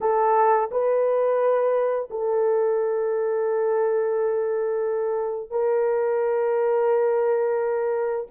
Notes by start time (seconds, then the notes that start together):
0.01 A4
0.71 B4
2.10 A4
5.50 A#4